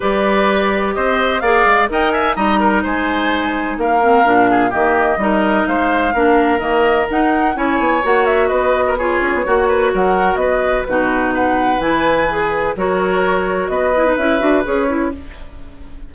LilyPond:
<<
  \new Staff \with { instrumentName = "flute" } { \time 4/4 \tempo 4 = 127 d''2 dis''4 f''4 | g''8 gis''8 ais''4 gis''2 | f''2 dis''2 | f''2 dis''4 fis''4 |
gis''4 fis''8 e''8 dis''4 cis''4~ | cis''4 fis''4 dis''4 b'4 | fis''4 gis''2 cis''4~ | cis''4 dis''4 e''4 cis''4 | }
  \new Staff \with { instrumentName = "oboe" } { \time 4/4 b'2 c''4 d''4 | dis''8 e''8 dis''8 ais'8 c''2 | ais'4. gis'8 g'4 ais'4 | c''4 ais'2. |
cis''2 b'8. ais'16 gis'4 | fis'8 b'8 ais'4 b'4 fis'4 | b'2. ais'4~ | ais'4 b'2. | }
  \new Staff \with { instrumentName = "clarinet" } { \time 4/4 g'2. gis'4 | ais'4 dis'2.~ | dis'8 c'8 d'4 ais4 dis'4~ | dis'4 d'4 ais4 dis'4 |
e'4 fis'2 f'4 | fis'2. dis'4~ | dis'4 e'4 gis'4 fis'4~ | fis'4. e'16 dis'16 e'8 fis'8 gis'8 e'8 | }
  \new Staff \with { instrumentName = "bassoon" } { \time 4/4 g2 c'4 ais8 gis8 | dis'4 g4 gis2 | ais4 ais,4 dis4 g4 | gis4 ais4 dis4 dis'4 |
cis'8 b8 ais4 b4. cis'16 b16 | ais4 fis4 b4 b,4~ | b,4 e2 fis4~ | fis4 b4 cis'8 d'8 cis'4 | }
>>